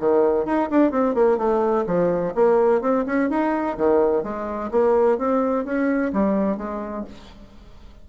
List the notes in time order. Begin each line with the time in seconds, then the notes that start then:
0.00 D#3
0.46 D#4
0.71 D4
0.92 C4
1.15 A#3
1.38 A3
1.87 F3
2.35 A#3
2.82 C4
3.06 C#4
3.30 D#4
3.78 D#3
4.24 G#3
4.72 A#3
5.19 C4
5.65 C#4
6.13 G3
6.58 G#3